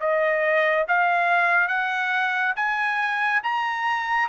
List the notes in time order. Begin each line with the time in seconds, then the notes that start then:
0.00 D#5
0.88 F5
1.68 F#5
2.56 G#5
3.43 A#5